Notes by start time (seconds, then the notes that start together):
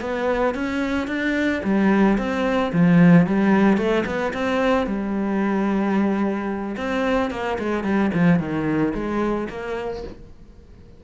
0.00 B3
0.54 C#4
1.07 D4
1.63 G3
2.17 C4
2.72 F3
3.26 G3
3.77 A3
4.05 B3
4.33 C4
4.86 G3
6.77 C4
7.30 A#3
7.58 G#3
7.83 G3
8.13 F3
8.39 D#3
8.94 G#3
9.49 A#3